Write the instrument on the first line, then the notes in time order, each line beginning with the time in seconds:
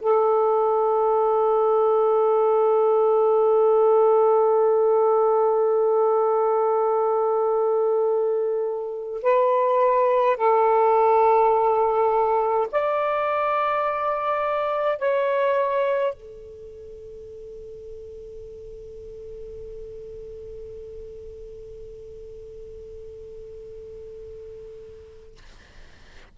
saxophone
0.00 A4
9.22 B4
10.36 A4
12.71 D5
14.98 C#5
16.14 A4